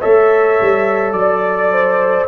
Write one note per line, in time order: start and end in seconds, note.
0.00 0.61 A3
0.00 2.27 A4
0.00 1.13 C#5
0.00 1.12 E5
0.61 1.12 G3
1.12 2.26 F#3
1.12 2.25 D5
1.12 1.72 D5
1.72 2.27 C5